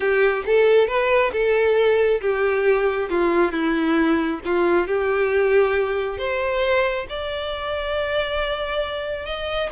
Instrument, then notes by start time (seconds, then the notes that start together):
violin
0.00 G4
0.45 A4
0.87 B4
1.32 A4
2.21 G4
3.09 F4
3.52 E4
4.45 F4
4.87 G4
6.18 C5
7.09 D5
9.25 D#5